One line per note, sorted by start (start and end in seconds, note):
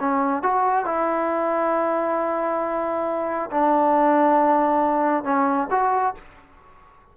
0.00 0.43 C#4
0.43 0.86 F#4
0.86 3.51 E4
3.51 5.24 D4
5.24 5.68 C#4
5.71 6.15 F#4